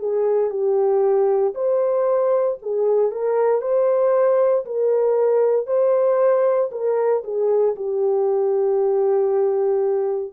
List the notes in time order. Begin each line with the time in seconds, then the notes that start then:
0.00 G#4
0.50 G4
1.55 C5
2.62 G#4
3.12 A#4
3.62 C5
4.66 A#4
5.67 C5
6.71 A#4
7.24 G#4
7.76 G4